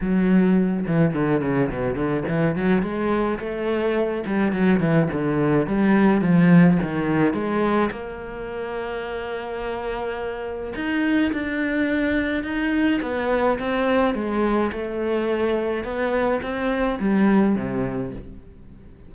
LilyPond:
\new Staff \with { instrumentName = "cello" } { \time 4/4 \tempo 4 = 106 fis4. e8 d8 cis8 b,8 d8 | e8 fis8 gis4 a4. g8 | fis8 e8 d4 g4 f4 | dis4 gis4 ais2~ |
ais2. dis'4 | d'2 dis'4 b4 | c'4 gis4 a2 | b4 c'4 g4 c4 | }